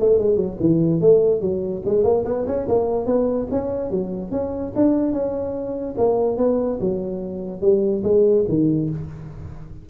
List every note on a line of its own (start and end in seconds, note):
0.00 0.19 A3
0.19 0.37 G#3
0.37 0.57 F#3
0.61 1.01 E3
1.01 1.41 A3
1.41 1.83 F#3
1.86 2.04 G#3
2.04 2.25 A#3
2.25 2.46 B3
2.47 2.68 C#4
2.68 3.06 A#3
3.06 3.48 B3
3.51 3.91 C#4
3.91 4.32 F#3
4.32 4.73 C#4
4.76 5.13 D4
5.13 5.95 C#4
5.98 6.38 A#3
6.38 6.79 B3
6.81 7.62 F#3
7.62 8.03 G3
8.04 8.46 G#3
8.49 8.90 D#3